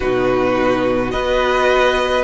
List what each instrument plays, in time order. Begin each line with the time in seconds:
0.00 cello B2, viola D#4, violin F#4 B4
1.11 cello B3, viola F#4, violin B4 D#5